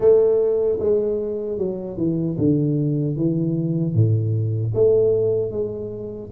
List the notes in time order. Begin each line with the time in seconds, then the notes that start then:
0.00 A3
0.79 G#3
1.58 F#3
1.97 E3
2.38 D3
3.16 E3
3.94 A2
4.74 A3
5.51 G#3